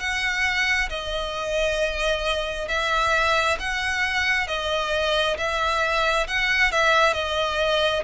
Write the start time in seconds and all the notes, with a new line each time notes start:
0.00 F#5
0.90 D#5
2.68 E5
3.59 F#5
4.48 D#5
5.38 E5
6.27 F#5
6.72 E5
7.14 D#5